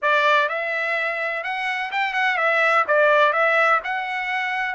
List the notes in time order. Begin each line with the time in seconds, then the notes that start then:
0.02 D5
0.48 E5
1.43 F#5
1.91 G5
2.13 F#5
2.37 E5
2.87 D5
3.32 E5
3.84 F#5